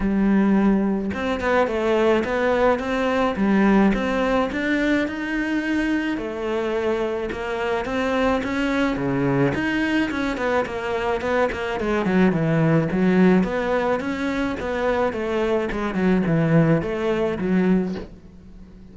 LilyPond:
\new Staff \with { instrumentName = "cello" } { \time 4/4 \tempo 4 = 107 g2 c'8 b8 a4 | b4 c'4 g4 c'4 | d'4 dis'2 a4~ | a4 ais4 c'4 cis'4 |
cis4 dis'4 cis'8 b8 ais4 | b8 ais8 gis8 fis8 e4 fis4 | b4 cis'4 b4 a4 | gis8 fis8 e4 a4 fis4 | }